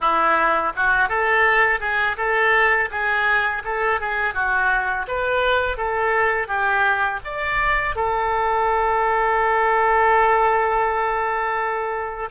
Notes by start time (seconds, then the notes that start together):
0.00 E4
0.76 F#4
1.08 A4
1.80 G#4
2.17 A4
2.90 G#4
3.64 A4
4.00 G#4
4.34 F#4
5.07 B4
5.77 A4
6.47 G4
7.24 D5
7.95 A4